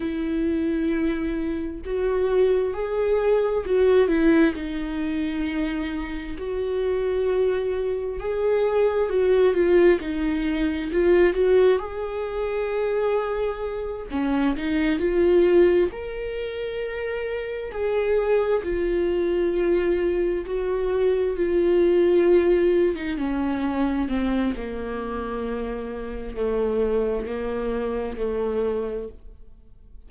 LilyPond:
\new Staff \with { instrumentName = "viola" } { \time 4/4 \tempo 4 = 66 e'2 fis'4 gis'4 | fis'8 e'8 dis'2 fis'4~ | fis'4 gis'4 fis'8 f'8 dis'4 | f'8 fis'8 gis'2~ gis'8 cis'8 |
dis'8 f'4 ais'2 gis'8~ | gis'8 f'2 fis'4 f'8~ | f'4~ f'16 dis'16 cis'4 c'8 ais4~ | ais4 a4 ais4 a4 | }